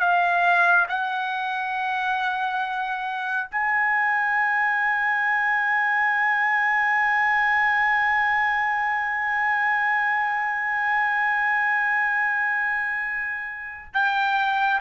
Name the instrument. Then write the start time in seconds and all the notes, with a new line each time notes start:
trumpet
0.00 F5
0.89 F#5
3.51 G#5
13.94 G5